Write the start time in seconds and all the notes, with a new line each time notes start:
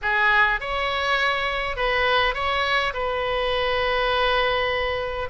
0.02 G#4
0.60 C#5
1.76 B4
2.34 C#5
2.93 B4